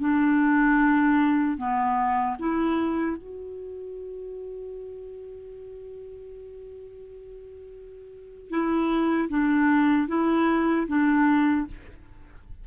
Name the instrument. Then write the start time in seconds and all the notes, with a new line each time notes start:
clarinet
0.00 D4
1.58 B3
2.39 E4
3.17 F#4
8.50 E4
9.29 D4
10.08 E4
10.88 D4